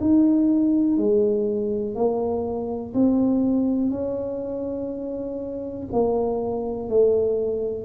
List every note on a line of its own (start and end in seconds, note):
0.00 0.97 D#4
0.97 1.94 G#3
1.94 2.93 A#3
2.93 3.90 C4
3.90 5.87 C#4
5.92 6.89 A#3
6.89 7.84 A3